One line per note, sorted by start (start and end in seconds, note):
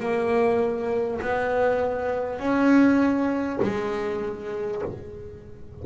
0.00 1.20 A#3
1.21 2.39 B3
2.39 3.59 C#4
3.62 4.82 G#3